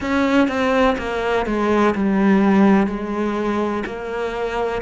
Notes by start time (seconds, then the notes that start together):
0.00 C#4
0.48 C4
0.98 A#3
1.46 G#3
1.94 G3
2.86 G#3
3.85 A#3